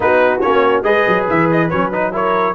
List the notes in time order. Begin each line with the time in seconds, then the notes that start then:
0.00 B3 D#4 F#4 B4
0.40 A#3 C#4 C#5
0.83 G#3 G#4 B4 D#5
1.07 F#3
1.29 E3 E5
1.51 D#5
1.69 F#3 C#4 C#5
1.92 D#4 B4
2.12 E4 A#4 C#5